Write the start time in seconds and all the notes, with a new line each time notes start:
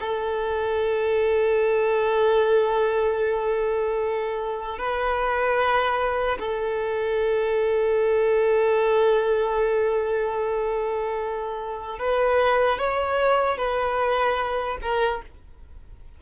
0.00 A4
4.78 B4
6.39 A4
11.99 B4
12.78 C#5
13.57 B4
14.81 A#4